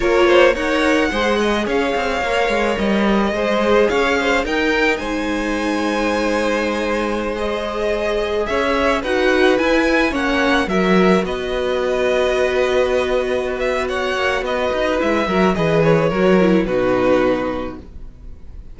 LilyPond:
<<
  \new Staff \with { instrumentName = "violin" } { \time 4/4 \tempo 4 = 108 cis''4 fis''2 f''4~ | f''4 dis''2 f''4 | g''4 gis''2.~ | gis''4~ gis''16 dis''2 e''8.~ |
e''16 fis''4 gis''4 fis''4 e''8.~ | e''16 dis''2.~ dis''8.~ | dis''8 e''8 fis''4 dis''4 e''4 | dis''8 cis''4. b'2 | }
  \new Staff \with { instrumentName = "violin" } { \time 4/4 ais'8 c''8 cis''4 c''8 dis''8 cis''4~ | cis''2 c''4 cis''8 c''8 | ais'4 c''2.~ | c''2.~ c''16 cis''8.~ |
cis''16 b'2 cis''4 ais'8.~ | ais'16 b'2.~ b'8.~ | b'4 cis''4 b'4. ais'8 | b'4 ais'4 fis'2 | }
  \new Staff \with { instrumentName = "viola" } { \time 4/4 f'4 ais'4 gis'2 | ais'2 gis'2 | dis'1~ | dis'4~ dis'16 gis'2~ gis'8.~ |
gis'16 fis'4 e'4 cis'4 fis'8.~ | fis'1~ | fis'2. e'8 fis'8 | gis'4 fis'8 e'8 dis'2 | }
  \new Staff \with { instrumentName = "cello" } { \time 4/4 ais4 dis'4 gis4 cis'8 c'8 | ais8 gis8 g4 gis4 cis'4 | dis'4 gis2.~ | gis2.~ gis16 cis'8.~ |
cis'16 dis'4 e'4 ais4 fis8.~ | fis16 b2.~ b8.~ | b4. ais8 b8 dis'8 gis8 fis8 | e4 fis4 b,2 | }
>>